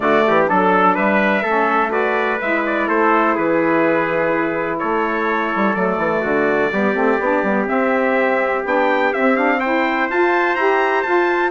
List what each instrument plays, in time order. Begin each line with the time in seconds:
0.00 bassoon D3, saxophone A3, trumpet F#4 D5
0.27 bassoon E3, trumpet G4
0.46 bassoon F#3, saxophone D4, trumpet A4
0.94 bassoon G3, trumpet B4 E5
1.43 bassoon A3, saxophone C#4, trumpet A4
1.89 saxophone F#4, trumpet B4 D5
2.41 bassoon G#3, saxophone E4, trumpet E5
2.66 trumpet D5
2.87 bassoon A3, trumpet A4 C5
3.34 bassoon E3, trumpet G#4 B4
4.78 bassoon A3, trumpet A4 C#5
5.55 bassoon G3
5.74 bassoon F#3, saxophone A3, trumpet D5
5.97 bassoon E3
6.21 bassoon D3, trumpet F#4
6.72 bassoon G3, saxophone B3, trumpet G4
6.94 bassoon A3, saxophone C4
7.19 bassoon B3, saxophone D4
7.43 bassoon G3, saxophone B3
7.66 saxophone C4, bassoon C4, trumpet E5
8.64 bassoon B3, saxophone D4, trumpet G5
9.13 bassoon C4, saxophone C4, trumpet E5
9.36 saxophone D4, trumpet F5
9.59 saxophone E4, trumpet C5 G5
10.09 bassoon F4, saxophone F4, trumpet A5
10.55 bassoon E4, saxophone G4, trumpet A#5
11.02 bassoon F4, saxophone F4, trumpet A5